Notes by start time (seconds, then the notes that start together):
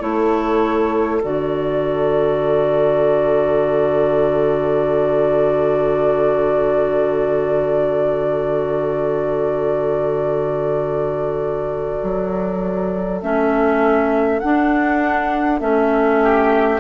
0.00 A3 E4 A4 C#5
1.22 D3 F#4 D5
12.03 F#3
13.22 A3 C#4 E5
14.40 D4 F#5
15.60 A3 C#4 E5
16.23 G4